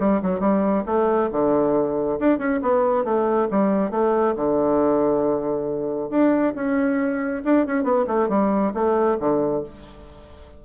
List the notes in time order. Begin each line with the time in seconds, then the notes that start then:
0.00 G3
0.22 F#3
0.40 G3
0.86 A3
1.32 D3
2.20 D4
2.39 C#4
2.63 B3
3.05 A3
3.51 G3
3.91 A3
4.36 D3
6.10 D4
6.56 C#4
7.45 D4
7.67 C#4
7.84 B3
8.08 A3
8.29 G3
8.75 A3
9.20 D3